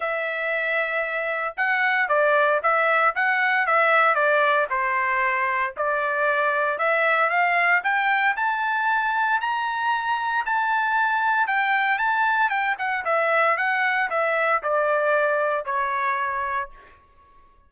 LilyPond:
\new Staff \with { instrumentName = "trumpet" } { \time 4/4 \tempo 4 = 115 e''2. fis''4 | d''4 e''4 fis''4 e''4 | d''4 c''2 d''4~ | d''4 e''4 f''4 g''4 |
a''2 ais''2 | a''2 g''4 a''4 | g''8 fis''8 e''4 fis''4 e''4 | d''2 cis''2 | }